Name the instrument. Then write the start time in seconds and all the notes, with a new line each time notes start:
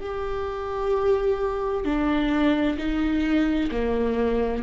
viola
0.00 G4
1.85 D4
2.78 D#4
3.71 A#3